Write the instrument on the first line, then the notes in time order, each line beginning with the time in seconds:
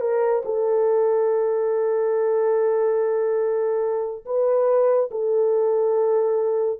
horn
0.00 A#4
0.45 A4
4.25 B4
5.10 A4